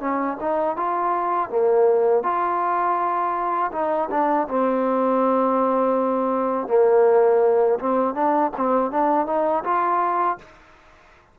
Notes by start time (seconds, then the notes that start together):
0.00 C#4
0.40 D#4
0.76 F4
1.49 A#3
2.23 F4
3.72 D#4
4.10 D4
4.48 C4
6.68 A#3
7.79 C4
8.14 D4
8.57 C4
8.91 D4
9.27 D#4
9.64 F4